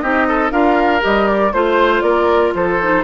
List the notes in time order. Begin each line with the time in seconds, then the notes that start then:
0.00 C4 D#4 G4 D#5
0.27 A4
0.50 D4 F4 A#4 F5
1.00 G3 G4 D#5
1.27 D5
1.52 A3 F4 C5
2.01 A#3 A#4 D5
2.54 F3 A4 C5
2.80 D#4